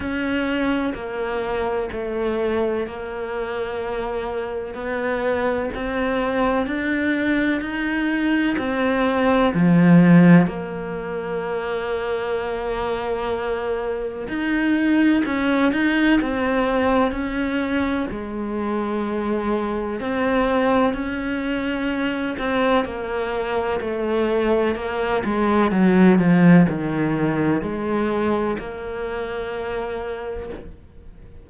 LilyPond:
\new Staff \with { instrumentName = "cello" } { \time 4/4 \tempo 4 = 63 cis'4 ais4 a4 ais4~ | ais4 b4 c'4 d'4 | dis'4 c'4 f4 ais4~ | ais2. dis'4 |
cis'8 dis'8 c'4 cis'4 gis4~ | gis4 c'4 cis'4. c'8 | ais4 a4 ais8 gis8 fis8 f8 | dis4 gis4 ais2 | }